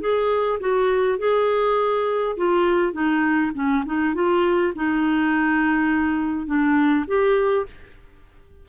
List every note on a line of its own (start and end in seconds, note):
0.00 0.59 G#4
0.59 1.18 F#4
1.18 2.36 G#4
2.36 2.92 F4
2.92 3.51 D#4
3.54 3.83 C#4
3.85 4.14 D#4
4.14 4.73 F4
4.75 6.46 D#4
6.46 7.05 D4
7.07 7.66 G4